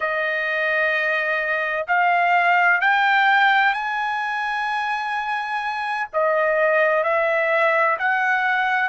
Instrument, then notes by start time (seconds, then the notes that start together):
trumpet
0.00 D#5
1.87 F5
2.80 G5
3.73 G#5
6.13 D#5
7.03 E5
7.99 F#5